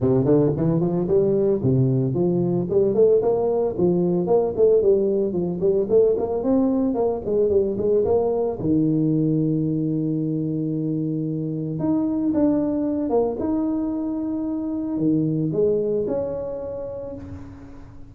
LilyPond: \new Staff \with { instrumentName = "tuba" } { \time 4/4 \tempo 4 = 112 c8 d8 e8 f8 g4 c4 | f4 g8 a8 ais4 f4 | ais8 a8 g4 f8 g8 a8 ais8 | c'4 ais8 gis8 g8 gis8 ais4 |
dis1~ | dis2 dis'4 d'4~ | d'8 ais8 dis'2. | dis4 gis4 cis'2 | }